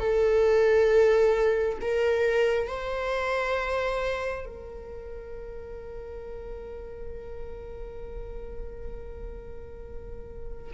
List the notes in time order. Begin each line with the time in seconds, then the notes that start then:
0.00 A4
1.82 A#4
2.68 C5
4.46 A#4